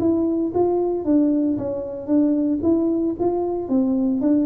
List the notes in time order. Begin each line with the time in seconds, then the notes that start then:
0.00 E4
0.55 F4
1.05 D4
1.58 C#4
2.07 D4
2.63 E4
3.20 F4
3.69 C4
4.22 D4